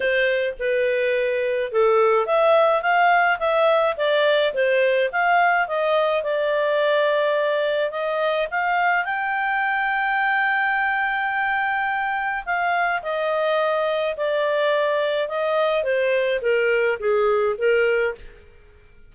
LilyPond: \new Staff \with { instrumentName = "clarinet" } { \time 4/4 \tempo 4 = 106 c''4 b'2 a'4 | e''4 f''4 e''4 d''4 | c''4 f''4 dis''4 d''4~ | d''2 dis''4 f''4 |
g''1~ | g''2 f''4 dis''4~ | dis''4 d''2 dis''4 | c''4 ais'4 gis'4 ais'4 | }